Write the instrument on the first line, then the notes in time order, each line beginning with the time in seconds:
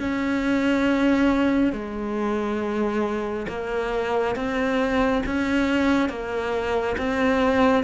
cello
0.00 C#4
1.73 G#3
3.49 A#3
4.36 C4
5.26 C#4
6.09 A#3
6.98 C4